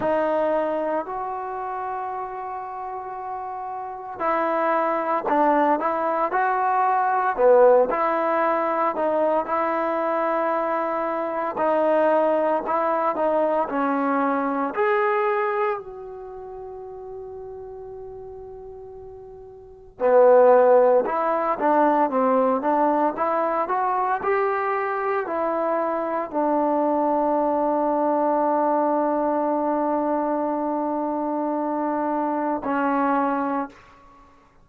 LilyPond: \new Staff \with { instrumentName = "trombone" } { \time 4/4 \tempo 4 = 57 dis'4 fis'2. | e'4 d'8 e'8 fis'4 b8 e'8~ | e'8 dis'8 e'2 dis'4 | e'8 dis'8 cis'4 gis'4 fis'4~ |
fis'2. b4 | e'8 d'8 c'8 d'8 e'8 fis'8 g'4 | e'4 d'2.~ | d'2. cis'4 | }